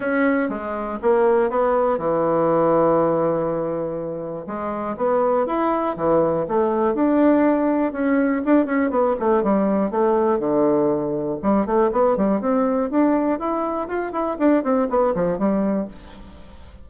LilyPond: \new Staff \with { instrumentName = "bassoon" } { \time 4/4 \tempo 4 = 121 cis'4 gis4 ais4 b4 | e1~ | e4 gis4 b4 e'4 | e4 a4 d'2 |
cis'4 d'8 cis'8 b8 a8 g4 | a4 d2 g8 a8 | b8 g8 c'4 d'4 e'4 | f'8 e'8 d'8 c'8 b8 f8 g4 | }